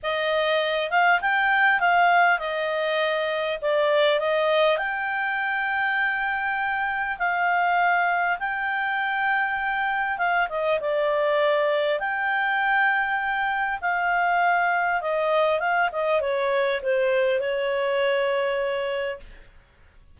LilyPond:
\new Staff \with { instrumentName = "clarinet" } { \time 4/4 \tempo 4 = 100 dis''4. f''8 g''4 f''4 | dis''2 d''4 dis''4 | g''1 | f''2 g''2~ |
g''4 f''8 dis''8 d''2 | g''2. f''4~ | f''4 dis''4 f''8 dis''8 cis''4 | c''4 cis''2. | }